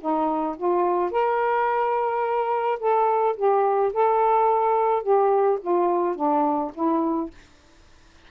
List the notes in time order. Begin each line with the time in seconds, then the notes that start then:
0.00 D#4
0.57 F4
1.11 A#4
2.79 A4
3.36 G4
3.93 A4
5.03 G4
5.61 F4
6.15 D4
6.74 E4